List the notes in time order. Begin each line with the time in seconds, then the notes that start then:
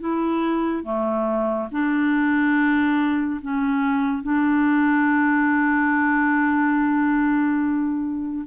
0.00 E4
0.84 A3
1.72 D4
3.41 C#4
4.23 D4